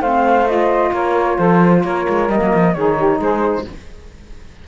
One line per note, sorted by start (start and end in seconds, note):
0.00 0.91 A3
0.00 0.47 C4
0.00 0.92 C5
0.00 0.48 F5
0.47 2.29 F4
0.47 0.93 D#5
0.93 1.38 A#3
0.93 1.37 A#4
0.93 1.38 C#5
1.37 1.84 F3
1.37 1.82 A4
1.37 1.83 C5
1.84 2.07 A#3
1.84 2.75 A#4
1.84 2.30 C#5
2.09 2.29 G#3
2.29 2.41 G3
2.29 2.77 A#3
2.29 2.74 D#5
2.42 2.53 F#3
2.54 2.75 F3
2.74 3.20 D#3
2.74 3.68 D#4
2.74 2.97 G#4
2.74 3.20 C#5
2.97 3.20 G4
3.20 3.65 G#3
3.20 3.66 G#4
3.20 3.67 C5